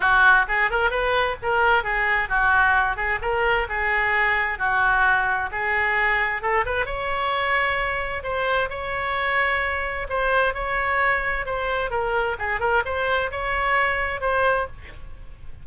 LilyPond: \new Staff \with { instrumentName = "oboe" } { \time 4/4 \tempo 4 = 131 fis'4 gis'8 ais'8 b'4 ais'4 | gis'4 fis'4. gis'8 ais'4 | gis'2 fis'2 | gis'2 a'8 b'8 cis''4~ |
cis''2 c''4 cis''4~ | cis''2 c''4 cis''4~ | cis''4 c''4 ais'4 gis'8 ais'8 | c''4 cis''2 c''4 | }